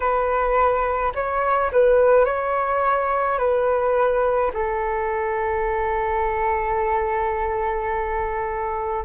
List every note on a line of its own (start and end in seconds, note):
0.00 1.12 B4
1.14 1.71 C#5
1.71 2.25 B4
2.25 3.38 C#5
3.38 4.51 B4
4.53 9.05 A4